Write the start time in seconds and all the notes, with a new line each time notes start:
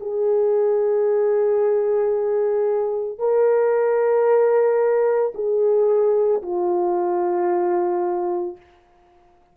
0.00 G#4
3.18 A#4
5.34 G#4
6.42 F4